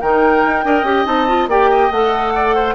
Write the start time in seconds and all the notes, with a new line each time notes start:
0.00 D#3 D#4 A#4 G5
0.45 D#4
0.64 D4 A#4 D#5
0.82 C#4 G4
1.05 C4 D#4 A5
1.27 F4
1.47 A#3 G4 D5 G5
1.70 D#5
1.90 A3 A4 F#5
2.34 D5
2.55 C5